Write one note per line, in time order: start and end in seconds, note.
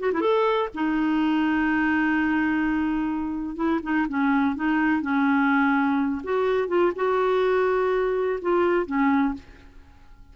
0.00 0.12 F#4
0.13 0.21 E4
0.21 0.69 A4
0.75 3.56 D#4
3.56 3.80 E4
3.83 4.07 D#4
4.09 4.56 C#4
4.56 5.02 D#4
5.02 6.22 C#4
6.24 6.68 F#4
6.68 6.92 F4
6.96 8.40 F#4
8.42 8.86 F4
8.86 9.34 C#4